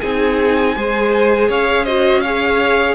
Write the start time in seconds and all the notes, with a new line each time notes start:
0.00 C4 D#4 G#4 G#5
0.75 G#3 G#4 C5
1.48 C#4 C#5 F5
1.83 F#4 C5 D#5
2.20 G#4 C#5 F5